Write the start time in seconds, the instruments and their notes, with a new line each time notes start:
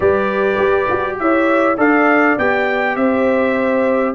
0.00 tuba G3, trombone G4, horn B4, trumpet D5
0.58 tuba G4
0.90 tuba F#4
1.19 tuba E4, horn C#5, trumpet E5
1.77 tuba D4, trombone A4, horn D5, trumpet F5
2.38 tuba B3, trombone G4, trumpet G5
2.95 tuba C4, horn C5, trumpet E5